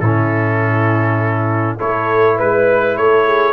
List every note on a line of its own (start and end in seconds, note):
0.00 1.77 A2
0.00 1.79 C#4
0.00 1.77 E4
0.00 1.76 A4
1.77 2.40 A3
1.77 3.53 E4
1.77 2.36 A4
1.77 2.38 C#5
2.36 2.98 G#3
2.36 2.95 B4
2.36 2.97 B4
2.96 3.53 A3
2.96 3.25 A4
2.96 3.53 C#5
3.25 3.53 G#4